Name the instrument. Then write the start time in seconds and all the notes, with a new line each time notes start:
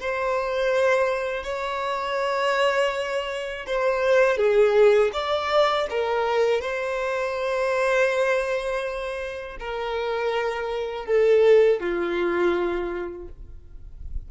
violin
0.00 C5
1.44 C#5
3.67 C5
4.37 G#4
5.13 D5
5.90 A#4
6.61 C5
9.60 A#4
11.06 A4
11.80 F4